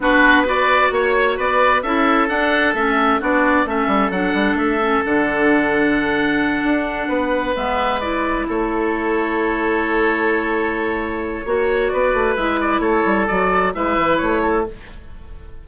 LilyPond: <<
  \new Staff \with { instrumentName = "oboe" } { \time 4/4 \tempo 4 = 131 b'4 d''4 cis''4 d''4 | e''4 fis''4 e''4 d''4 | e''4 fis''4 e''4 fis''4~ | fis''1~ |
fis''8 e''4 d''4 cis''4.~ | cis''1~ | cis''2 d''4 e''8 d''8 | cis''4 d''4 e''4 cis''4 | }
  \new Staff \with { instrumentName = "oboe" } { \time 4/4 fis'4 b'4 cis''4 b'4 | a'2. fis'4 | a'1~ | a'2.~ a'8 b'8~ |
b'2~ b'8 a'4.~ | a'1~ | a'4 cis''4 b'2 | a'2 b'4. a'8 | }
  \new Staff \with { instrumentName = "clarinet" } { \time 4/4 d'4 fis'2. | e'4 d'4 cis'4 d'4 | cis'4 d'4. cis'8 d'4~ | d'1~ |
d'8 b4 e'2~ e'8~ | e'1~ | e'4 fis'2 e'4~ | e'4 fis'4 e'2 | }
  \new Staff \with { instrumentName = "bassoon" } { \time 4/4 b2 ais4 b4 | cis'4 d'4 a4 b4 | a8 g8 fis8 g8 a4 d4~ | d2~ d8 d'4 b8~ |
b8 gis2 a4.~ | a1~ | a4 ais4 b8 a8 gis4 | a8 g8 fis4 gis8 e8 a4 | }
>>